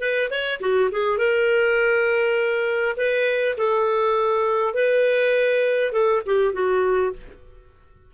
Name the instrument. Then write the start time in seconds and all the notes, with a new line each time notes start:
clarinet
0.00 B4
0.31 C#5
0.60 F#4
0.92 G#4
1.18 A#4
2.97 B4
3.57 A4
4.74 B4
5.92 A4
6.26 G4
6.53 F#4